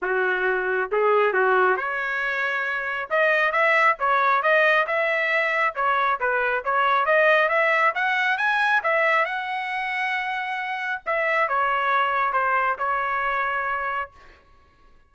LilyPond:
\new Staff \with { instrumentName = "trumpet" } { \time 4/4 \tempo 4 = 136 fis'2 gis'4 fis'4 | cis''2. dis''4 | e''4 cis''4 dis''4 e''4~ | e''4 cis''4 b'4 cis''4 |
dis''4 e''4 fis''4 gis''4 | e''4 fis''2.~ | fis''4 e''4 cis''2 | c''4 cis''2. | }